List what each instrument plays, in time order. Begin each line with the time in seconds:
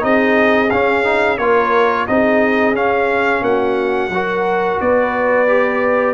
0.00 tuba C4, trombone D#4, horn G#4, trumpet D#5
0.71 tuba C#4, trombone C#4, trumpet F5
1.04 trombone D#4
1.38 tuba A#3, trombone F4, horn A#4, trumpet C#5
2.07 tuba C4, trombone D#4, horn G#4, trumpet D#5
2.73 tuba C#4, trombone C#4, trumpet F5
3.42 tuba A#3, horn F#4, trumpet F#5
4.09 tuba F#3, trombone F#4, horn A#4
4.81 tuba B3, horn B4, trumpet D5
5.48 trombone G4